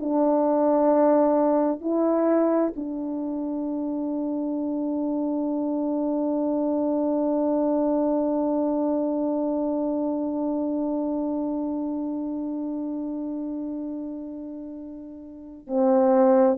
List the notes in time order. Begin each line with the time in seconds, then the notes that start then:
0.00 D4
1.81 E4
2.77 D4
15.68 C4